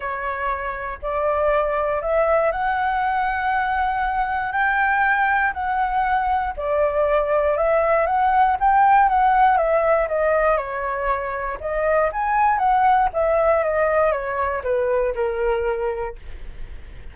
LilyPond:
\new Staff \with { instrumentName = "flute" } { \time 4/4 \tempo 4 = 119 cis''2 d''2 | e''4 fis''2.~ | fis''4 g''2 fis''4~ | fis''4 d''2 e''4 |
fis''4 g''4 fis''4 e''4 | dis''4 cis''2 dis''4 | gis''4 fis''4 e''4 dis''4 | cis''4 b'4 ais'2 | }